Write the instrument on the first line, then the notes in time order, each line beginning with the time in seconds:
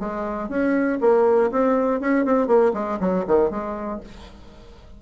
bassoon
0.00 G#3
0.49 C#4
1.01 A#3
1.51 C4
2.01 C#4
2.25 C4
2.48 A#3
2.74 G#3
3.00 F#3
3.27 D#3
3.51 G#3